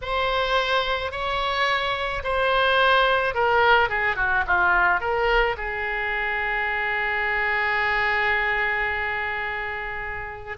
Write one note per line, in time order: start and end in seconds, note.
0.01 1.11 C5
1.11 2.22 C#5
2.23 3.34 C5
3.34 3.89 A#4
3.89 4.16 G#4
4.16 4.43 F#4
4.46 5.00 F4
5.00 5.56 A#4
5.57 10.57 G#4